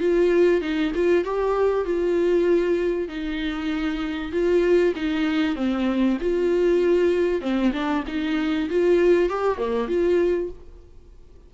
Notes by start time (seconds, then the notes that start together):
0.00 F4
0.61 D#4
0.94 F4
1.24 G4
1.85 F4
3.08 D#4
4.32 F4
4.95 D#4
5.56 C4
6.21 F4
7.41 C4
7.73 D4
8.07 D#4
8.69 F4
9.29 G4
9.57 A#3
9.88 F4